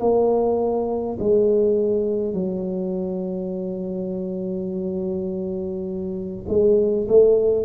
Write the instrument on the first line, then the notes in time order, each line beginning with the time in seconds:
tuba
0.00 A#3
1.19 G#3
2.34 F#3
6.48 G#3
7.08 A3